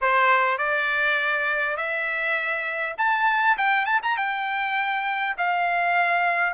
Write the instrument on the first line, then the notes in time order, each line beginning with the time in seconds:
trumpet
0.01 C5
0.58 D5
1.77 E5
2.97 A5
3.57 G5
3.85 A5
4.02 A#5
4.17 G5
5.37 F5